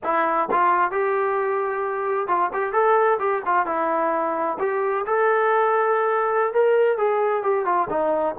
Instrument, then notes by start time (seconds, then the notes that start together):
trombone
0.03 E4
0.51 F4
0.91 G4
2.27 F4
2.53 G4
2.72 A4
3.19 G4
3.45 F4
3.66 E4
4.59 G4
5.06 A4
6.53 A#4
6.97 G#4
7.42 G4
7.65 F4
7.89 D#4